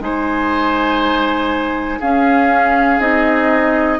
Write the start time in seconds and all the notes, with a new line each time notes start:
0.00 G#3 D#4 C5 G#5
1.99 C#4 G#4 F5
2.99 C4 D#4 D#5